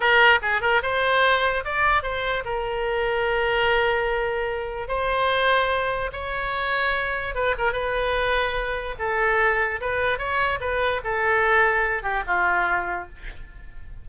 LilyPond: \new Staff \with { instrumentName = "oboe" } { \time 4/4 \tempo 4 = 147 ais'4 gis'8 ais'8 c''2 | d''4 c''4 ais'2~ | ais'1 | c''2. cis''4~ |
cis''2 b'8 ais'8 b'4~ | b'2 a'2 | b'4 cis''4 b'4 a'4~ | a'4. g'8 f'2 | }